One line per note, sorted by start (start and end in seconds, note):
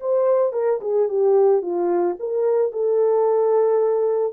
0.00 0.53 C5
0.53 0.80 A#4
0.81 1.08 G#4
1.09 1.62 G4
1.62 2.16 F4
2.19 2.72 A#4
2.72 4.33 A4